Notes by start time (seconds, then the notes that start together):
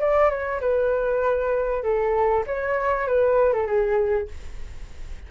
0.00 D5
0.29 C#5
0.60 B4
1.83 A4
2.46 C#5
3.07 B4
3.53 A4
3.67 G#4